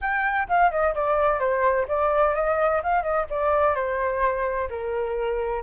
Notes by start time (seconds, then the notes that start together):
0.01 G5
0.48 F5
0.71 D#5
0.95 D5
1.39 C5
1.87 D5
2.35 D#5
2.83 F5
3.02 D#5
3.30 D5
3.75 C5
4.69 A#4